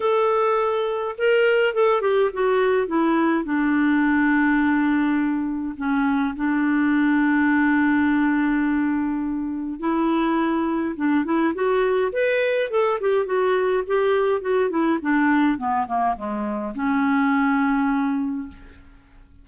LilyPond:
\new Staff \with { instrumentName = "clarinet" } { \time 4/4 \tempo 4 = 104 a'2 ais'4 a'8 g'8 | fis'4 e'4 d'2~ | d'2 cis'4 d'4~ | d'1~ |
d'4 e'2 d'8 e'8 | fis'4 b'4 a'8 g'8 fis'4 | g'4 fis'8 e'8 d'4 b8 ais8 | gis4 cis'2. | }